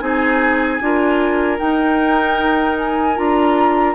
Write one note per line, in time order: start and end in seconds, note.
0.00 0.80 C4
0.00 0.79 D#4
0.00 0.83 G#4
0.00 1.58 G#5
0.81 1.60 D4
0.81 1.59 F4
0.81 3.95 A#4
1.59 3.16 D#4
1.59 3.19 D#4
1.59 2.77 G5
2.79 3.18 G#5
3.16 3.95 D4
3.16 3.95 F4
3.16 3.95 A#5